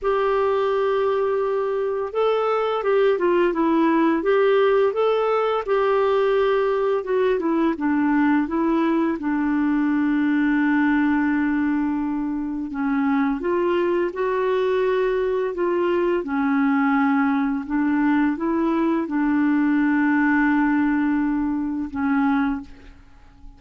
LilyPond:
\new Staff \with { instrumentName = "clarinet" } { \time 4/4 \tempo 4 = 85 g'2. a'4 | g'8 f'8 e'4 g'4 a'4 | g'2 fis'8 e'8 d'4 | e'4 d'2.~ |
d'2 cis'4 f'4 | fis'2 f'4 cis'4~ | cis'4 d'4 e'4 d'4~ | d'2. cis'4 | }